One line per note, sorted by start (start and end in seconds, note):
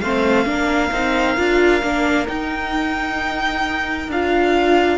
0.00 0.46 A3
0.00 0.45 C4
0.00 0.47 C5
0.00 2.27 F5
0.45 0.91 A#3
0.45 0.91 D4
0.45 4.99 A#4
0.92 1.37 C4
0.92 1.37 D#4
1.37 1.82 D4
1.37 1.83 F4
1.82 2.28 A#3
1.82 2.27 D4
2.27 4.09 D#4
2.27 4.08 D#4
2.27 4.11 G5
4.08 4.99 D4
4.08 4.99 F4
4.08 4.99 F5